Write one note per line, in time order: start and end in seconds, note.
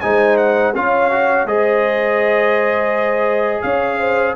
0.00 0.74 G#3
0.00 0.74 D#4
0.00 0.75 C5
0.00 0.36 G#5
0.36 0.73 F#5
0.74 1.45 C#4
0.74 1.11 F4
0.74 1.47 C#5
0.74 1.47 F5
1.11 1.47 F#4
1.45 3.62 G#3
1.45 4.36 G#4
1.45 3.64 C5
1.45 3.62 D#5
3.62 4.36 C#4
3.62 3.99 C#5
3.62 4.34 F5
3.99 4.35 C5